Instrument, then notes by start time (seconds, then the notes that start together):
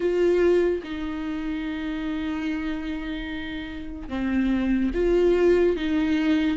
viola
0.00 F4
0.83 D#4
4.08 C4
4.94 F4
5.76 D#4